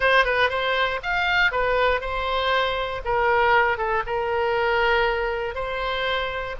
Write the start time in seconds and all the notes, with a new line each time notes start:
0.00 C5
0.24 B4
0.49 C5
1.02 F5
1.51 B4
2.01 C5
3.04 A#4
3.77 A4
4.06 A#4
5.54 C5